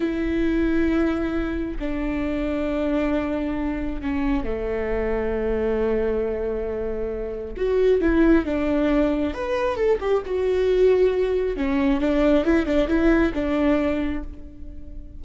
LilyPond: \new Staff \with { instrumentName = "viola" } { \time 4/4 \tempo 4 = 135 e'1 | d'1~ | d'4 cis'4 a2~ | a1~ |
a4 fis'4 e'4 d'4~ | d'4 b'4 a'8 g'8 fis'4~ | fis'2 cis'4 d'4 | e'8 d'8 e'4 d'2 | }